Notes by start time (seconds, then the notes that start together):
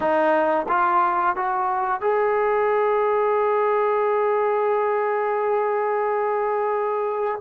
0.00 D#4
0.68 F4
1.35 F#4
2.00 G#4